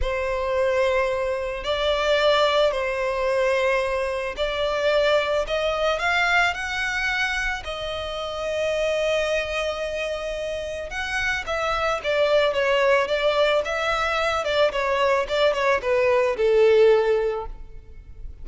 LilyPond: \new Staff \with { instrumentName = "violin" } { \time 4/4 \tempo 4 = 110 c''2. d''4~ | d''4 c''2. | d''2 dis''4 f''4 | fis''2 dis''2~ |
dis''1 | fis''4 e''4 d''4 cis''4 | d''4 e''4. d''8 cis''4 | d''8 cis''8 b'4 a'2 | }